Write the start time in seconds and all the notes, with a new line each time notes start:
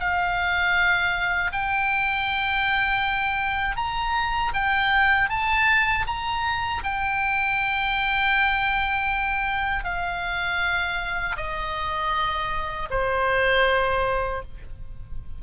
0.00 F5
1.53 G5
3.76 A#5
4.54 G5
5.30 A5
6.07 A#5
6.84 G5
9.84 F5
11.37 D#5
12.90 C5